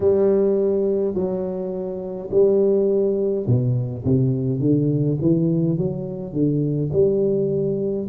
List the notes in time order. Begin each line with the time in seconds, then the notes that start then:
0.00 G3
1.14 F#3
2.30 G3
3.46 B2
4.04 C3
4.59 D3
5.21 E3
5.77 F#3
6.33 D3
6.92 G3